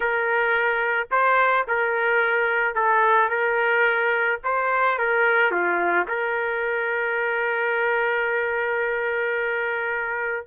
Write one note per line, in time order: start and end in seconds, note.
0.00 1.07 A#4
1.11 1.66 C5
1.67 2.74 A#4
2.74 3.29 A4
3.29 4.39 A#4
4.44 4.98 C5
4.98 5.51 A#4
5.51 6.06 F4
6.08 10.46 A#4